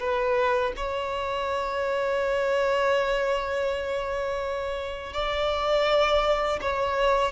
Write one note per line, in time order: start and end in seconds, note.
0.00 0.73 B4
0.76 5.14 C#5
5.14 6.60 D5
6.62 7.32 C#5